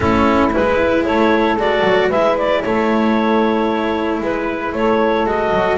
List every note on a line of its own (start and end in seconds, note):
0.00 0.54 A3
0.00 0.50 C#4
0.00 1.05 E4
0.00 0.52 A4
0.52 1.08 G#3
0.52 1.57 E4
0.52 1.05 B4
1.05 1.55 A3
1.05 2.08 A4
1.05 1.57 C#5
1.55 1.82 G#3
1.55 2.12 F#4
1.55 2.10 D5
1.83 2.10 F#3
2.08 2.63 G#3
2.08 5.26 E4
2.08 2.61 B4
2.08 2.37 E5
2.37 2.62 D5
2.62 4.20 A3
2.62 4.22 A4
2.62 4.20 C#5
4.20 4.72 G#3
4.20 4.74 B4
4.72 5.25 A3
4.72 5.78 A4
4.72 5.27 C#5
5.25 5.51 G#3
5.25 5.78 F#4
5.25 5.78 D#5
5.51 5.78 F#3